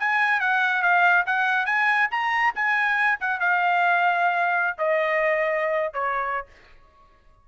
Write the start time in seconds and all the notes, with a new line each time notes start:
0.00 G#5
0.41 F#5
0.83 F5
1.27 F#5
1.66 G#5
2.11 A#5
2.55 G#5
3.21 F#5
3.40 F5
4.78 D#5
5.94 C#5